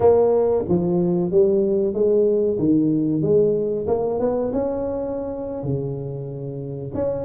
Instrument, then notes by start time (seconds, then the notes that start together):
tuba
0.00 A#3
0.68 F3
1.31 G3
1.93 G#3
2.58 D#3
3.22 G#3
3.87 A#3
4.19 B3
4.52 C#4
5.63 C#3
6.94 C#4